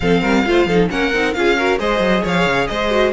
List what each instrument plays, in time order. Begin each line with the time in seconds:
0.00 cello F3, viola C4, violin A4 F5
0.21 cello G3, violin A#4
0.46 cello A3, viola F4, violin C5
0.66 cello F3, viola D#4, violin A4
0.89 cello A#3, viola C#4, violin A#4 F#5
1.13 cello C4, viola D#4
1.33 cello C#4, viola F4, violin G#4 F5
1.56 viola F#4, violin A#4
1.79 cello G#3, viola G#4, violin C5 D#5
1.99 cello F#3
2.22 cello F3, violin C#5 F5
2.45 cello C#3
2.67 cello G#3, violin C5 D#5
2.90 viola F#4